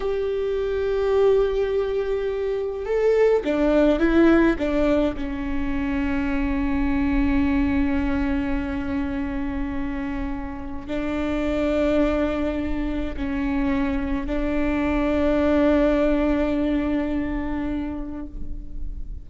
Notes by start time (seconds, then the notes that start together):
0.00 G4
2.85 A4
3.44 D4
3.99 E4
4.58 D4
5.16 C#4
10.87 D4
13.16 C#4
14.26 D4